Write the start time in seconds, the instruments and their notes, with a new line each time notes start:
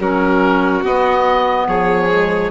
0.00 bassoon F#3, clarinet C#4, violin F#4, oboe A#4
0.84 clarinet B3, bassoon B3, oboe D#5
1.68 bassoon F3, violin G#4, oboe C#5
2.10 clarinet G#3